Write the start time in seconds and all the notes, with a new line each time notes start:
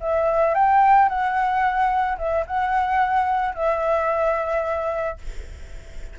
0.00 E5
0.54 G5
1.08 F#5
2.18 E5
2.46 F#5
3.54 E5